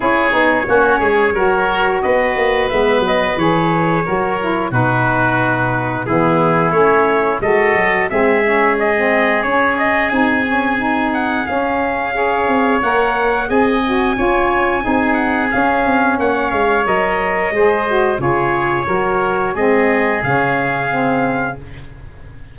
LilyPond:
<<
  \new Staff \with { instrumentName = "trumpet" } { \time 4/4 \tempo 4 = 89 cis''2. dis''4 | e''8 dis''8 cis''2 b'4~ | b'4 gis'4 cis''4 dis''4 | e''4 dis''4 cis''8 dis''8 gis''4~ |
gis''8 fis''8 f''2 fis''4 | gis''2~ gis''8 fis''8 f''4 | fis''8 f''8 dis''2 cis''4~ | cis''4 dis''4 f''2 | }
  \new Staff \with { instrumentName = "oboe" } { \time 4/4 gis'4 fis'8 gis'8 ais'4 b'4~ | b'2 ais'4 fis'4~ | fis'4 e'2 a'4 | gis'1~ |
gis'2 cis''2 | dis''4 cis''4 gis'2 | cis''2 c''4 gis'4 | ais'4 gis'2. | }
  \new Staff \with { instrumentName = "saxophone" } { \time 4/4 e'8 dis'8 cis'4 fis'2 | b4 gis'4 fis'8 e'8 dis'4~ | dis'4 b4 cis'4 fis'4 | c'8 cis'8. c'8. cis'4 dis'8 cis'8 |
dis'4 cis'4 gis'4 ais'4 | gis'8 fis'8 f'4 dis'4 cis'4~ | cis'4 ais'4 gis'8 fis'8 f'4 | fis'4 c'4 cis'4 c'4 | }
  \new Staff \with { instrumentName = "tuba" } { \time 4/4 cis'8 b8 ais8 gis8 fis4 b8 ais8 | gis8 fis8 e4 fis4 b,4~ | b,4 e4 a4 gis8 fis8 | gis2 cis'4 c'4~ |
c'4 cis'4. c'8 ais4 | c'4 cis'4 c'4 cis'8 c'8 | ais8 gis8 fis4 gis4 cis4 | fis4 gis4 cis2 | }
>>